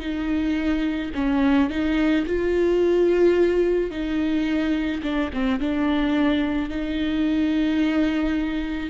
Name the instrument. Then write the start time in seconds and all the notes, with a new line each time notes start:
viola
0.00 D#4
1.15 C#4
1.70 D#4
2.26 F4
3.91 D#4
5.03 D4
5.33 C4
5.60 D4
6.70 D#4